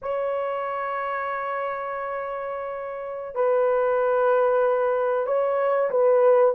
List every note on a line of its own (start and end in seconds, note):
0.02 3.35 C#5
3.35 5.26 B4
5.26 5.90 C#5
5.90 6.54 B4